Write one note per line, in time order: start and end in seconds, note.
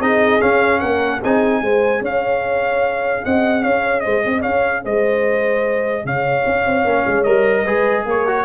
0.00 0.40 C4
0.00 0.40 D#4
0.00 0.80 G#4
0.00 0.42 D#5
0.40 1.21 C#4
0.40 0.83 C#4
0.40 0.80 F5
0.80 1.23 A#3
0.80 1.20 A#4
0.80 1.20 F#5
1.20 1.62 C4
1.20 1.64 D#4
1.20 1.61 G#4
1.20 2.04 G#5
1.62 2.01 G#3
1.62 6.86 G#4
1.62 2.02 C5
2.01 3.22 C#4
2.01 3.22 C#5
2.01 3.25 F5
3.24 3.66 C4
3.24 3.62 D#5
3.24 3.63 F#5
3.62 4.06 C#4
3.62 4.03 C#5
3.62 4.00 F5
4.00 4.26 G#3
4.00 4.24 C5
4.00 4.41 D#5
4.26 4.45 C4
4.26 4.42 D#5
4.42 4.85 C#4
4.42 4.82 C#5
4.42 4.83 F5
4.84 6.05 G#3
4.84 6.05 C5
4.84 6.06 D#5
6.05 6.45 C#3
6.05 7.64 C#5
6.05 7.24 F5
6.46 6.66 C#4
6.66 6.85 C4
6.85 7.05 A#3
6.85 7.25 C#4
7.07 7.26 G#3
7.24 7.66 G3
7.24 7.66 A#4
7.24 8.04 D#5
7.64 8.06 G#3
7.64 8.27 G#4
7.64 8.04 B4
8.06 8.45 A#3
8.06 8.45 A#4
8.06 8.45 C#5
8.27 8.45 F#4